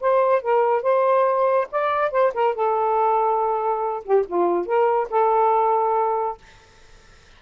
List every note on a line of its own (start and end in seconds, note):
0.00 0.42 C5
0.42 0.82 A#4
0.82 1.68 C5
1.71 2.11 D5
2.11 2.32 C5
2.34 2.55 A#4
2.55 4.03 A4
4.04 4.25 G4
4.27 4.66 F4
4.66 5.08 A#4
5.10 6.38 A4